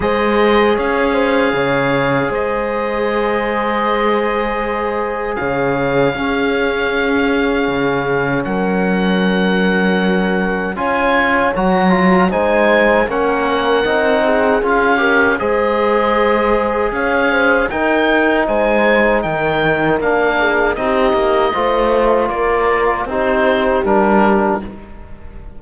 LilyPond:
<<
  \new Staff \with { instrumentName = "oboe" } { \time 4/4 \tempo 4 = 78 dis''4 f''2 dis''4~ | dis''2. f''4~ | f''2. fis''4~ | fis''2 gis''4 ais''4 |
gis''4 fis''2 f''4 | dis''2 f''4 g''4 | gis''4 g''4 f''4 dis''4~ | dis''4 d''4 c''4 ais'4 | }
  \new Staff \with { instrumentName = "horn" } { \time 4/4 c''4 cis''8 c''8 cis''4 c''4~ | c''2. cis''4 | gis'2. ais'4~ | ais'2 cis''2 |
c''4 ais'4. gis'4 ais'8 | c''2 cis''8 c''8 ais'4 | c''4 ais'4. gis'8 g'4 | c''4 ais'4 g'2 | }
  \new Staff \with { instrumentName = "trombone" } { \time 4/4 gis'1~ | gis'1 | cis'1~ | cis'2 f'4 fis'8 f'8 |
dis'4 cis'4 dis'4 f'8 g'8 | gis'2. dis'4~ | dis'2 d'4 dis'4 | f'2 dis'4 d'4 | }
  \new Staff \with { instrumentName = "cello" } { \time 4/4 gis4 cis'4 cis4 gis4~ | gis2. cis4 | cis'2 cis4 fis4~ | fis2 cis'4 fis4 |
gis4 ais4 c'4 cis'4 | gis2 cis'4 dis'4 | gis4 dis4 ais4 c'8 ais8 | a4 ais4 c'4 g4 | }
>>